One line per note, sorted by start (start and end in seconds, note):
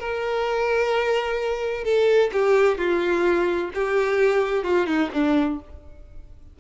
0.00 1.85 A#4
1.85 2.31 A4
2.33 2.78 G4
2.78 3.71 F4
3.75 4.64 G4
4.64 4.87 F4
4.87 5.10 D#4
5.14 5.60 D4